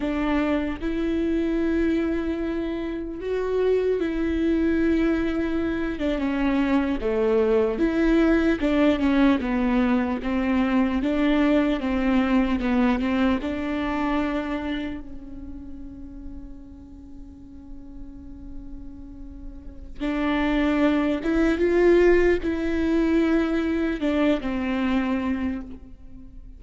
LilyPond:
\new Staff \with { instrumentName = "viola" } { \time 4/4 \tempo 4 = 75 d'4 e'2. | fis'4 e'2~ e'8 d'16 cis'16~ | cis'8. a4 e'4 d'8 cis'8 b16~ | b8. c'4 d'4 c'4 b16~ |
b16 c'8 d'2 cis'4~ cis'16~ | cis'1~ | cis'4 d'4. e'8 f'4 | e'2 d'8 c'4. | }